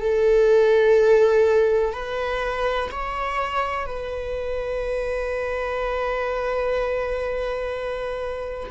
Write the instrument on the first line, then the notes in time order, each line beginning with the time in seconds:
viola
0.00 A4
1.93 B4
2.91 C#5
3.86 B4